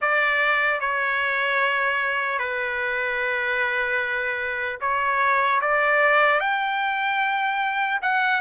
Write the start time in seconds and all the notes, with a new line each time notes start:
0.01 D5
0.80 C#5
2.38 B4
4.80 C#5
5.61 D5
6.40 G5
8.01 F#5